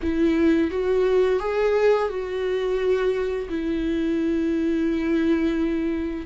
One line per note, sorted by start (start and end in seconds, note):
0.02 0.70 E4
0.70 1.39 F#4
1.39 2.08 G#4
2.08 3.48 F#4
3.49 6.26 E4